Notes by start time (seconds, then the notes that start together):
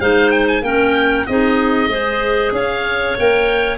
0.00 G#3 D#4 C5 F5
0.31 G5
0.48 G#5
0.62 A#3 C#4 A#4 G5
1.26 C4 D#4 G#4 D#5
1.87 G#3 G#4 C5
2.52 C#4 C#5 F5
3.19 A#3 A#4 G5